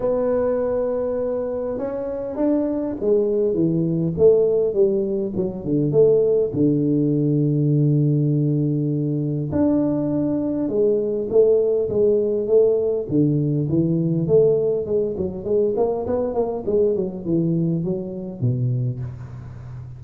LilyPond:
\new Staff \with { instrumentName = "tuba" } { \time 4/4 \tempo 4 = 101 b2. cis'4 | d'4 gis4 e4 a4 | g4 fis8 d8 a4 d4~ | d1 |
d'2 gis4 a4 | gis4 a4 d4 e4 | a4 gis8 fis8 gis8 ais8 b8 ais8 | gis8 fis8 e4 fis4 b,4 | }